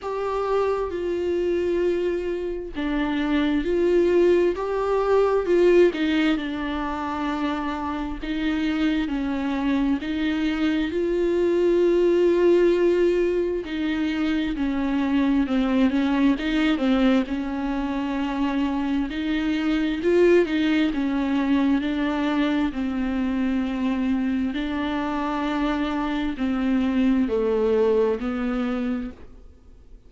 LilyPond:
\new Staff \with { instrumentName = "viola" } { \time 4/4 \tempo 4 = 66 g'4 f'2 d'4 | f'4 g'4 f'8 dis'8 d'4~ | d'4 dis'4 cis'4 dis'4 | f'2. dis'4 |
cis'4 c'8 cis'8 dis'8 c'8 cis'4~ | cis'4 dis'4 f'8 dis'8 cis'4 | d'4 c'2 d'4~ | d'4 c'4 a4 b4 | }